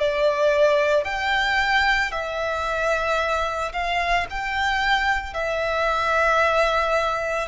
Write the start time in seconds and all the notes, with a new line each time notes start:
0.00 D5
1.05 G5
2.12 E5
3.73 F5
4.30 G5
5.34 E5